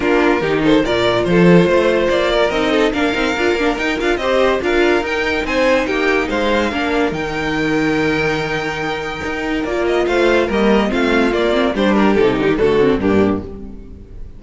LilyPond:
<<
  \new Staff \with { instrumentName = "violin" } { \time 4/4 \tempo 4 = 143 ais'4. c''8 d''4 c''4~ | c''4 d''4 dis''4 f''4~ | f''4 g''8 f''8 dis''4 f''4 | g''4 gis''4 g''4 f''4~ |
f''4 g''2.~ | g''2. d''8 dis''8 | f''4 dis''4 f''4 d''4 | c''8 ais'8 a'8 g'8 a'4 g'4 | }
  \new Staff \with { instrumentName = "violin" } { \time 4/4 f'4 g'8 a'8 ais'4 a'4 | c''4. ais'4 a'8 ais'4~ | ais'2 c''4 ais'4~ | ais'4 c''4 g'4 c''4 |
ais'1~ | ais'1 | c''4 ais'4 f'2 | g'2 fis'4 d'4 | }
  \new Staff \with { instrumentName = "viola" } { \time 4/4 d'4 dis'4 f'2~ | f'2 dis'4 d'8 dis'8 | f'8 d'8 dis'8 f'8 g'4 f'4 | dis'1 |
d'4 dis'2.~ | dis'2. f'4~ | f'4 ais4 c'4 ais8 c'8 | d'4 dis'4 a8 c'8 ais4 | }
  \new Staff \with { instrumentName = "cello" } { \time 4/4 ais4 dis4 ais,4 f4 | a4 ais4 c'4 ais8 c'8 | d'8 ais8 dis'8 d'8 c'4 d'4 | dis'4 c'4 ais4 gis4 |
ais4 dis2.~ | dis2 dis'4 ais4 | a4 g4 a4 ais4 | g4 c8 d16 dis16 d4 g,4 | }
>>